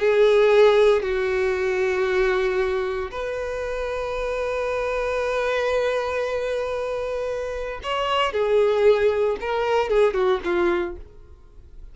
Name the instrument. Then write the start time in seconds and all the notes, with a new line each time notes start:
violin
0.00 G#4
1.02 F#4
3.11 B4
7.84 C#5
8.33 G#4
9.41 A#4
9.90 G#4
10.15 F#4
10.45 F4